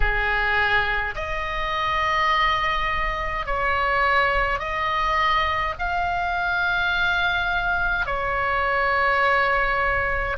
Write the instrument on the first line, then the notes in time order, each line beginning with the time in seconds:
oboe
0.00 G#4
1.15 D#5
3.46 C#5
4.58 D#5
5.78 F5
8.06 C#5